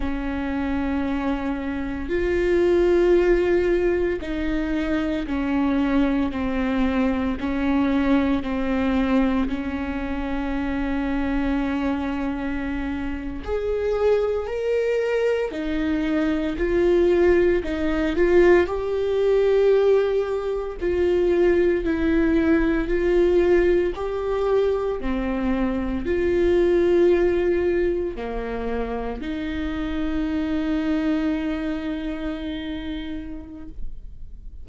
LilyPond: \new Staff \with { instrumentName = "viola" } { \time 4/4 \tempo 4 = 57 cis'2 f'2 | dis'4 cis'4 c'4 cis'4 | c'4 cis'2.~ | cis'8. gis'4 ais'4 dis'4 f'16~ |
f'8. dis'8 f'8 g'2 f'16~ | f'8. e'4 f'4 g'4 c'16~ | c'8. f'2 ais4 dis'16~ | dis'1 | }